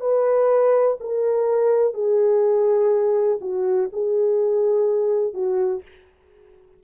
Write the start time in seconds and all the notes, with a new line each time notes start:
0.00 B4
1.00 A#4
1.94 G#4
3.40 F#4
3.92 G#4
5.34 F#4